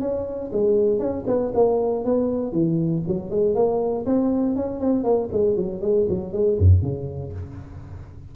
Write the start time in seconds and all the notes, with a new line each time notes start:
0.00 C#4
0.52 G#3
0.99 C#4
1.27 B3
1.54 A#3
2.04 B3
2.52 E3
3.07 F#3
3.30 G#3
3.55 A#3
4.05 C4
4.55 C#4
4.80 C4
5.03 A#3
5.32 G#3
5.56 F#3
5.81 G#3
6.09 F#3
6.32 G#3
6.58 F#2
6.82 C#3